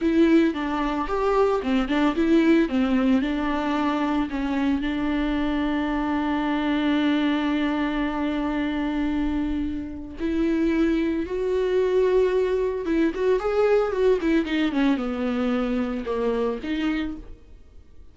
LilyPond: \new Staff \with { instrumentName = "viola" } { \time 4/4 \tempo 4 = 112 e'4 d'4 g'4 c'8 d'8 | e'4 c'4 d'2 | cis'4 d'2.~ | d'1~ |
d'2. e'4~ | e'4 fis'2. | e'8 fis'8 gis'4 fis'8 e'8 dis'8 cis'8 | b2 ais4 dis'4 | }